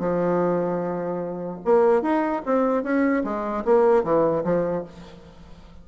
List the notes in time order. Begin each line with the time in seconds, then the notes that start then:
0.00 F3
1.65 A#3
2.02 D#4
2.46 C4
2.83 C#4
3.24 G#3
3.65 A#3
4.04 E3
4.44 F3